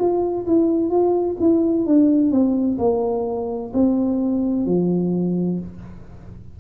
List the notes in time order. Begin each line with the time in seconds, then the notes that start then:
0.00 F4
0.47 E4
0.90 F4
1.41 E4
1.87 D4
2.31 C4
2.79 A#3
3.74 C4
4.66 F3